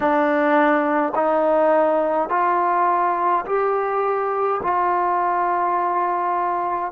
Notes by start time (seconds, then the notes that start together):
0.00 D4
1.15 D#4
2.29 F4
3.45 G4
4.63 F4